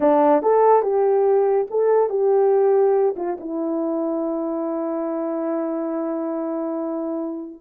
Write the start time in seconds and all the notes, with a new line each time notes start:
0.00 D4
0.42 A4
0.82 G4
1.70 A4
2.09 G4
3.16 F4
3.39 E4